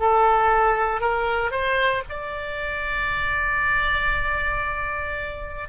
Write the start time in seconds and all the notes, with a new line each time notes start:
0.00 A4
1.01 A#4
1.51 C5
2.10 D5